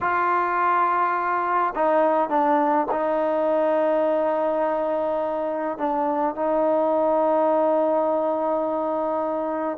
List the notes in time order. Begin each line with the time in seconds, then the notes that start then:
0.01 F4
1.75 D#4
2.29 D4
2.91 D#4
5.78 D4
6.35 D#4